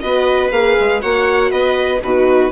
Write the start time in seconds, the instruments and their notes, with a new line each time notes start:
0.00 bassoon B3, horn F#4, viola B4, violin D#5
0.51 bassoon A#3, horn G#4, violin F5
0.80 bassoon G#3
1.01 bassoon A#3, horn F#4, viola C#5, violin F#5
1.50 bassoon B3, viola B4, violin D#5
2.02 bassoon B2, horn D#4, viola F#4, violin B4